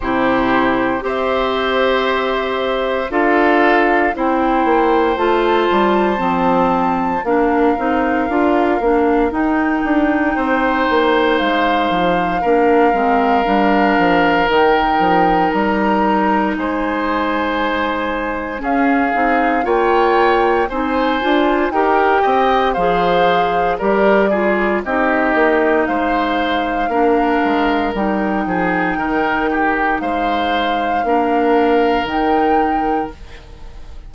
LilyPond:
<<
  \new Staff \with { instrumentName = "flute" } { \time 4/4 \tempo 4 = 58 c''4 e''2 f''4 | g''4 a''2 f''4~ | f''4 g''2 f''4~ | f''2 g''4 ais''4 |
gis''2 f''4 g''4 | gis''4 g''4 f''4 d''4 | dis''4 f''2 g''4~ | g''4 f''2 g''4 | }
  \new Staff \with { instrumentName = "oboe" } { \time 4/4 g'4 c''2 a'4 | c''2. ais'4~ | ais'2 c''2 | ais'1 |
c''2 gis'4 cis''4 | c''4 ais'8 dis''8 c''4 ais'8 gis'8 | g'4 c''4 ais'4. gis'8 | ais'8 g'8 c''4 ais'2 | }
  \new Staff \with { instrumentName = "clarinet" } { \time 4/4 e'4 g'2 f'4 | e'4 f'4 c'4 d'8 dis'8 | f'8 d'8 dis'2. | d'8 c'8 d'4 dis'2~ |
dis'2 cis'8 dis'8 f'4 | dis'8 f'8 g'4 gis'4 g'8 f'8 | dis'2 d'4 dis'4~ | dis'2 d'4 dis'4 | }
  \new Staff \with { instrumentName = "bassoon" } { \time 4/4 c4 c'2 d'4 | c'8 ais8 a8 g8 f4 ais8 c'8 | d'8 ais8 dis'8 d'8 c'8 ais8 gis8 f8 | ais8 gis8 g8 f8 dis8 f8 g4 |
gis2 cis'8 c'8 ais4 | c'8 d'8 dis'8 c'8 f4 g4 | c'8 ais8 gis4 ais8 gis8 g8 f8 | dis4 gis4 ais4 dis4 | }
>>